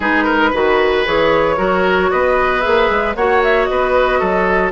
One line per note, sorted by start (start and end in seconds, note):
0.00 0.52 G#3
0.00 0.53 D#4
0.00 0.24 G#4
0.00 1.06 B4
0.24 0.50 A#4
0.50 1.06 D#3
0.50 1.05 F#4
0.50 1.55 B4
1.05 1.58 E3
1.05 1.57 G#4
1.05 2.11 C#5
1.57 2.10 F#3
1.57 2.61 F#4
1.57 2.10 A#4
2.11 2.65 B3
2.11 3.16 B4
2.11 2.61 D#5
2.61 2.89 A#3
2.61 3.14 G#4
2.61 3.13 E5
2.89 3.15 G#3
3.15 3.68 A#3
3.15 4.72 F#4
3.15 3.69 C#5
3.15 3.42 F#5
3.43 3.64 E5
3.64 4.21 B3
3.64 4.19 B4
3.64 4.70 D#5
4.19 4.72 F#3
4.19 4.71 A4